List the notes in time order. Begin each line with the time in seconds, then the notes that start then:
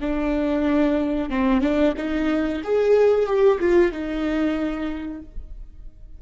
0.00 D4
1.30 C4
1.61 D4
1.97 D#4
2.64 G#4
3.26 G4
3.60 F4
3.92 D#4